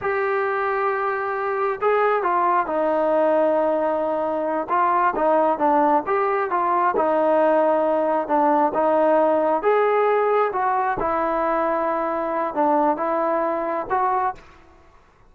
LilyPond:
\new Staff \with { instrumentName = "trombone" } { \time 4/4 \tempo 4 = 134 g'1 | gis'4 f'4 dis'2~ | dis'2~ dis'8 f'4 dis'8~ | dis'8 d'4 g'4 f'4 dis'8~ |
dis'2~ dis'8 d'4 dis'8~ | dis'4. gis'2 fis'8~ | fis'8 e'2.~ e'8 | d'4 e'2 fis'4 | }